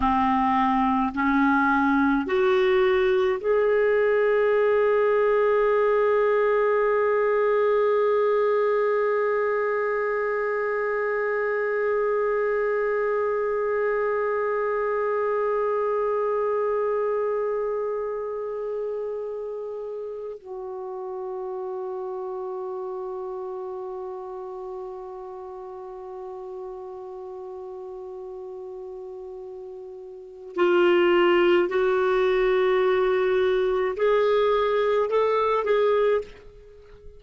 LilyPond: \new Staff \with { instrumentName = "clarinet" } { \time 4/4 \tempo 4 = 53 c'4 cis'4 fis'4 gis'4~ | gis'1~ | gis'1~ | gis'1~ |
gis'2 fis'2~ | fis'1~ | fis'2. f'4 | fis'2 gis'4 a'8 gis'8 | }